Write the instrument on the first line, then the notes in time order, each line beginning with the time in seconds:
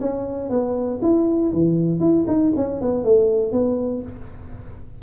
tuba
0.00 C#4
0.49 B3
1.02 E4
1.53 E3
2.00 E4
2.27 D#4
2.56 C#4
2.81 B3
3.04 A3
3.52 B3